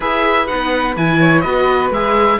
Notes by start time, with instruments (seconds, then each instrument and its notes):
0.00 cello E4, viola G#4, flute B4, oboe E5
0.47 cello B3, viola D#4, oboe F#5
0.96 cello E3, viola E4, oboe G#5
1.20 flute C#5
1.40 cello B3, viola F#4, flute B4, oboe D#5
1.90 cello G#3, viola G#4, oboe E5